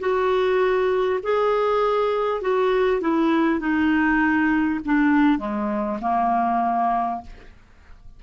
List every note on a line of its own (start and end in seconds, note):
0.00 1.20 F#4
1.23 2.42 G#4
2.42 3.01 F#4
3.01 3.60 E4
3.60 4.80 D#4
4.85 5.39 D4
5.39 5.99 G#3
6.02 7.22 A#3